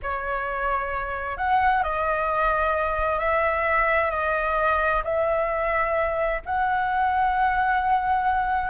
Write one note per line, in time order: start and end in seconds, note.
0.02 1.37 C#5
1.37 1.83 F#5
1.83 3.19 D#5
3.19 4.10 E5
4.10 5.02 D#5
5.04 6.41 E5
6.45 8.70 F#5